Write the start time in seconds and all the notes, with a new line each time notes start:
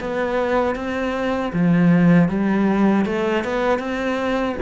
0.00 B3
0.75 C4
1.53 F3
2.29 G3
3.06 A3
3.44 B3
3.79 C4